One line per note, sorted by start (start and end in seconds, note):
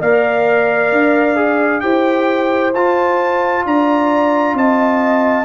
0.00 0.91 A#3
0.00 1.36 A#4
0.00 1.82 D5
0.00 1.80 F5
0.91 1.82 D4
1.36 1.81 G#4
1.80 2.74 E4
1.80 2.72 G4
1.80 3.65 C5
1.80 2.71 G5
2.74 3.65 F4
2.74 5.45 F4
2.74 3.65 A5
3.65 4.54 D4
3.65 4.56 D5
3.65 4.57 A#5
4.54 5.45 C4
4.54 5.45 D#5
4.54 5.45 A5